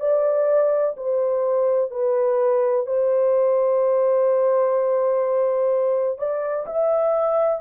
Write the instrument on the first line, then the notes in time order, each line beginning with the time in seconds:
horn
0.00 D5
0.97 C5
1.91 B4
2.86 C5
6.19 D5
6.67 E5